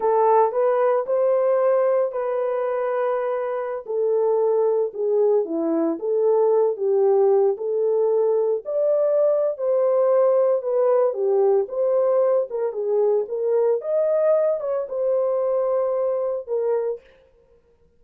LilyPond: \new Staff \with { instrumentName = "horn" } { \time 4/4 \tempo 4 = 113 a'4 b'4 c''2 | b'2.~ b'16 a'8.~ | a'4~ a'16 gis'4 e'4 a'8.~ | a'8. g'4. a'4.~ a'16~ |
a'16 d''4.~ d''16 c''2 | b'4 g'4 c''4. ais'8 | gis'4 ais'4 dis''4. cis''8 | c''2. ais'4 | }